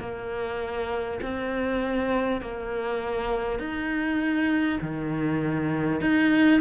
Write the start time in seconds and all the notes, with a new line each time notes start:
0.00 A#3
1.22 C4
2.41 A#3
3.59 D#4
4.81 D#3
6.01 D#4